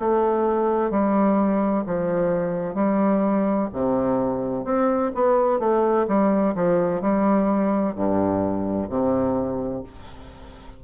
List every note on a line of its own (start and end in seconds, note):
0.00 0.91 A3
0.91 1.85 G3
1.87 2.75 F3
2.75 3.69 G3
3.73 4.65 C3
4.65 5.12 C4
5.15 5.60 B3
5.60 6.07 A3
6.08 6.55 G3
6.55 7.02 F3
7.02 7.96 G3
7.96 8.89 G2
8.90 9.84 C3